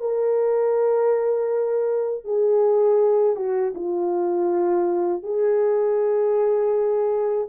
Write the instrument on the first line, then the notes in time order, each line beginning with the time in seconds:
horn
0.00 A#4
2.24 G#4
3.36 F#4
3.75 F4
5.23 G#4